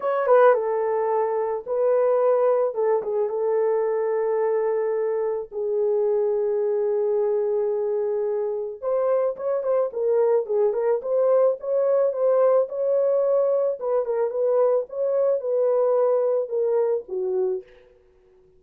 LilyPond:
\new Staff \with { instrumentName = "horn" } { \time 4/4 \tempo 4 = 109 cis''8 b'8 a'2 b'4~ | b'4 a'8 gis'8 a'2~ | a'2 gis'2~ | gis'1 |
c''4 cis''8 c''8 ais'4 gis'8 ais'8 | c''4 cis''4 c''4 cis''4~ | cis''4 b'8 ais'8 b'4 cis''4 | b'2 ais'4 fis'4 | }